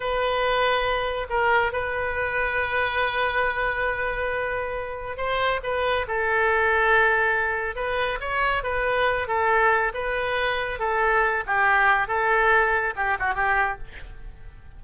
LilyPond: \new Staff \with { instrumentName = "oboe" } { \time 4/4 \tempo 4 = 139 b'2. ais'4 | b'1~ | b'1 | c''4 b'4 a'2~ |
a'2 b'4 cis''4 | b'4. a'4. b'4~ | b'4 a'4. g'4. | a'2 g'8 fis'8 g'4 | }